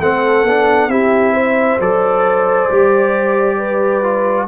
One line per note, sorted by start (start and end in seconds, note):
0.00 0.44 A3
0.00 0.47 C4
0.00 0.90 A4
0.00 0.90 F#5
0.44 0.88 B3
0.44 0.91 D4
0.88 1.77 C4
0.88 1.80 E4
0.88 1.34 G4
0.88 1.80 E5
1.34 3.58 C5
1.80 2.70 F#3
1.80 2.70 A4
1.80 4.49 D5
2.71 4.49 G3
2.71 4.04 G4
3.58 4.48 B4
4.04 4.48 F4